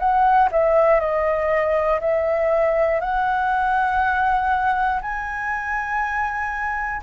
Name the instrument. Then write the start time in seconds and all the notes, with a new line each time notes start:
flute
0.00 F#5
0.52 E5
1.00 D#5
2.01 E5
3.01 F#5
5.02 G#5